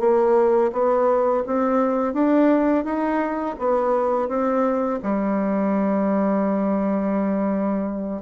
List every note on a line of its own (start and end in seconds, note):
0.00 0.71 A#3
0.72 1.44 B3
1.46 2.14 C4
2.14 2.85 D4
2.85 3.56 D#4
3.59 4.29 B3
4.29 5.00 C4
5.03 8.22 G3